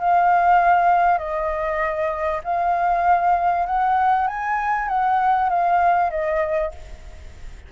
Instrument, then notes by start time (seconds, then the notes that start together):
flute
0.00 F5
1.19 D#5
2.44 F5
3.67 F#5
4.28 G#5
4.88 F#5
5.50 F5
6.11 D#5